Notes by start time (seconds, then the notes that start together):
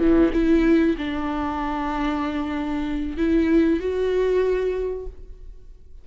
0.00 E3
0.33 E4
0.98 D4
3.18 E4
3.80 F#4